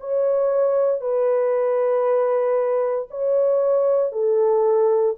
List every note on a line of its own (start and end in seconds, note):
0.00 1.01 C#5
1.01 3.08 B4
3.10 4.12 C#5
4.12 5.16 A4